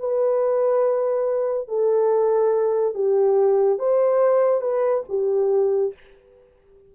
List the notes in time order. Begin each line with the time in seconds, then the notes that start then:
0.00 B4
1.69 A4
2.95 G4
3.80 C5
4.62 B4
5.09 G4